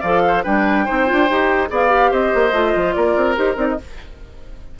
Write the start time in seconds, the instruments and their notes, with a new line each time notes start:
0.00 bassoon F3, clarinet A4, oboe D5, flute F5
0.27 oboe C5
0.43 bassoon G3, clarinet D4, oboe B4, flute G5
0.85 bassoon C4, clarinet D#4, oboe C5
1.06 bassoon D4, clarinet F4
1.30 bassoon D#4, clarinet G4
1.69 bassoon B3, clarinet G#4, oboe D5, flute F5
1.88 clarinet G4
2.11 bassoon C4, oboe C5, flute D#5
2.34 bassoon A#3
2.53 bassoon A3, clarinet F4
2.75 bassoon F3
2.93 bassoon A#3, oboe A#4, flute D5
3.16 bassoon C4
3.36 bassoon D#4, clarinet G4, flute C5
3.54 bassoon C4, clarinet D#4, flute D5
3.69 flute D#5